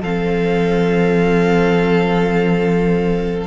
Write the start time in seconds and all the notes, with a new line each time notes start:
0.00 F3 C4 A4 F5